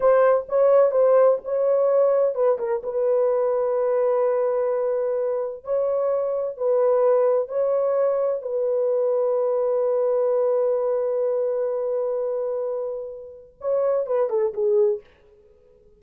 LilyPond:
\new Staff \with { instrumentName = "horn" } { \time 4/4 \tempo 4 = 128 c''4 cis''4 c''4 cis''4~ | cis''4 b'8 ais'8 b'2~ | b'1 | cis''2 b'2 |
cis''2 b'2~ | b'1~ | b'1~ | b'4 cis''4 b'8 a'8 gis'4 | }